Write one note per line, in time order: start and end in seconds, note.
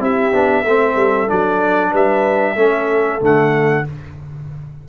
0.00 0.32 C4
0.00 0.32 E4
0.00 0.65 G4
0.00 1.30 E5
0.32 0.63 B3
0.32 0.64 D4
0.63 0.95 A3
0.63 1.28 C4
0.63 1.91 A4
0.95 1.27 G3
1.28 1.93 F#3
1.28 2.55 D4
1.28 1.93 D5
1.91 2.56 G3
1.91 2.55 B4
1.91 3.23 E5
2.56 3.19 A3
2.56 3.20 C#4
2.56 3.84 A4
3.20 3.85 D3
3.20 3.84 A3
3.20 3.88 F#5